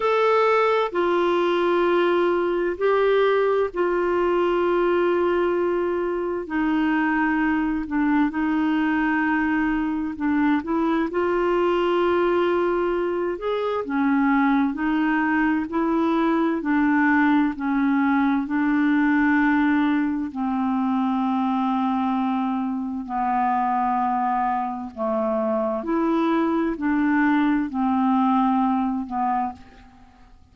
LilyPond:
\new Staff \with { instrumentName = "clarinet" } { \time 4/4 \tempo 4 = 65 a'4 f'2 g'4 | f'2. dis'4~ | dis'8 d'8 dis'2 d'8 e'8 | f'2~ f'8 gis'8 cis'4 |
dis'4 e'4 d'4 cis'4 | d'2 c'2~ | c'4 b2 a4 | e'4 d'4 c'4. b8 | }